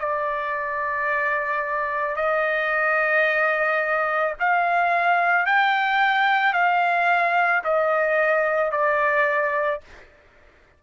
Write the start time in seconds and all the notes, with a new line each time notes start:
0.00 D5
2.16 D#5
4.40 F5
5.46 G5
6.54 F5
7.64 D#5
8.72 D5